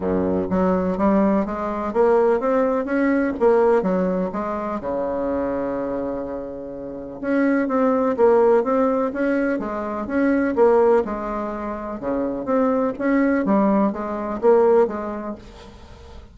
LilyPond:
\new Staff \with { instrumentName = "bassoon" } { \time 4/4 \tempo 4 = 125 fis,4 fis4 g4 gis4 | ais4 c'4 cis'4 ais4 | fis4 gis4 cis2~ | cis2. cis'4 |
c'4 ais4 c'4 cis'4 | gis4 cis'4 ais4 gis4~ | gis4 cis4 c'4 cis'4 | g4 gis4 ais4 gis4 | }